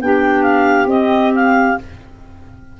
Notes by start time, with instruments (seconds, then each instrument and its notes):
0.00 tuba B3, clarinet D4 G5, saxophone G4
0.43 clarinet F5
0.86 tuba C4, clarinet C4 D#5
1.35 clarinet F5